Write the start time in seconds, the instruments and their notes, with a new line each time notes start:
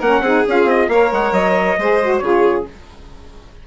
0.00 bassoon A#3, saxophone C#4, violin A#4, trumpet F#5
0.21 bassoon C4, saxophone D#4, violin G#4
0.48 bassoon C#4, saxophone F4, trumpet F5
0.65 bassoon C4, trumpet D#5
0.89 bassoon A#3, saxophone A#4, violin C#5, trumpet F5
1.13 bassoon G#3, trumpet F#5
1.32 bassoon F#3, trumpet D#5
1.79 bassoon G#3, saxophone G#4, violin C5
2.03 saxophone F#4
2.19 bassoon C#3, saxophone F4, violin G#4, trumpet C#5